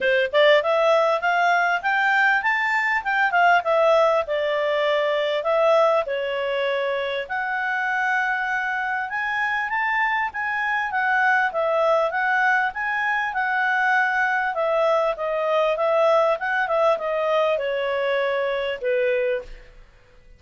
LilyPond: \new Staff \with { instrumentName = "clarinet" } { \time 4/4 \tempo 4 = 99 c''8 d''8 e''4 f''4 g''4 | a''4 g''8 f''8 e''4 d''4~ | d''4 e''4 cis''2 | fis''2. gis''4 |
a''4 gis''4 fis''4 e''4 | fis''4 gis''4 fis''2 | e''4 dis''4 e''4 fis''8 e''8 | dis''4 cis''2 b'4 | }